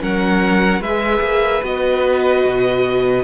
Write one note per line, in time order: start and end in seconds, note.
0.00 0.80 F#3
0.00 0.81 C#4
0.00 0.82 A#4
0.00 0.82 F#5
0.80 1.21 G#3
0.80 1.63 G#4
0.80 3.24 B4
0.80 1.63 E5
1.21 1.62 A#3
1.63 2.44 B3
1.63 3.24 F#4
1.63 3.24 D#5
2.45 3.24 B2